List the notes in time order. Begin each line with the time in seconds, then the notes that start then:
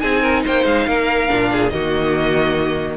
0.00 C4 D#4 G#4 G#5
0.21 A#4
0.45 A#3 C5 G5
0.64 G#3 F5
0.87 A#3 A#4
1.28 A#2 D4
1.52 G#4
1.69 D#3 A#3 F#4 D#5